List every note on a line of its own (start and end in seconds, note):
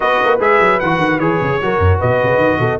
0.00 0.20 B3
0.00 0.39 F#4
0.00 1.59 B4
0.00 0.39 D#5
0.23 0.39 A#3
0.39 0.59 G#3
0.39 0.80 G#4
0.39 0.79 E5
0.60 0.80 F#3
0.79 0.98 E3
0.79 1.20 F#4
0.79 1.19 F#5
0.98 1.17 D#3
1.17 1.37 E3
1.17 1.60 G#4
1.17 1.99 C#5
1.40 1.60 C#3
1.61 1.78 F#3
1.61 2.79 F#4
1.61 1.98 A#4
1.78 1.98 F#2
1.98 2.22 B2
1.98 2.58 B4
1.98 2.79 D#5
2.22 2.37 C#3
2.37 2.57 D#3
2.59 2.79 B2
2.59 2.79 A4